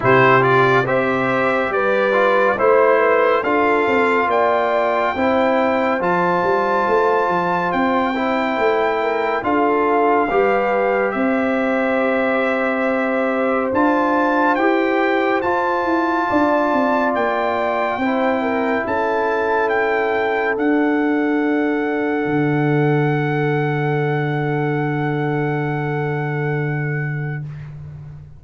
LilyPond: <<
  \new Staff \with { instrumentName = "trumpet" } { \time 4/4 \tempo 4 = 70 c''8 d''8 e''4 d''4 c''4 | f''4 g''2 a''4~ | a''4 g''2 f''4~ | f''4 e''2. |
a''4 g''4 a''2 | g''2 a''4 g''4 | fis''1~ | fis''1 | }
  \new Staff \with { instrumentName = "horn" } { \time 4/4 g'4 c''4 b'4 c''8 b'8 | a'4 d''4 c''2~ | c''2~ c''8 ais'8 a'4 | b'4 c''2.~ |
c''2. d''4~ | d''4 c''8 ais'8 a'2~ | a'1~ | a'1 | }
  \new Staff \with { instrumentName = "trombone" } { \time 4/4 e'8 f'8 g'4. f'8 e'4 | f'2 e'4 f'4~ | f'4. e'4. f'4 | g'1 |
f'4 g'4 f'2~ | f'4 e'2. | d'1~ | d'1 | }
  \new Staff \with { instrumentName = "tuba" } { \time 4/4 c4 c'4 g4 a4 | d'8 c'8 ais4 c'4 f8 g8 | a8 f8 c'4 a4 d'4 | g4 c'2. |
d'4 e'4 f'8 e'8 d'8 c'8 | ais4 c'4 cis'2 | d'2 d2~ | d1 | }
>>